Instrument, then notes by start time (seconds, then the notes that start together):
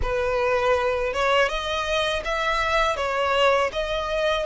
violin
0.02 B4
1.13 C#5
1.48 D#5
2.24 E5
2.96 C#5
3.72 D#5